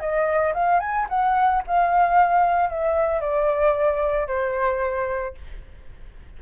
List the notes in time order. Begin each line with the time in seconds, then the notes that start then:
0.00 D#5
0.54 F5
0.80 G#5
1.09 F#5
1.68 F5
2.70 E5
3.21 D5
4.28 C5